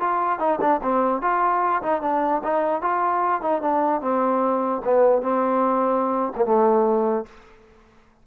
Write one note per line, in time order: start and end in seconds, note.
0.00 0.39 F4
0.39 0.59 D#4
0.61 0.81 D4
0.82 1.22 C4
1.22 1.82 F4
1.82 2.01 D#4
2.01 2.42 D4
2.43 2.81 D#4
2.81 3.41 F4
3.41 3.61 D#4
3.61 4.01 D4
4.01 4.82 C4
4.84 5.22 B3
5.22 6.33 C4
6.36 6.45 A#3
6.45 7.26 A3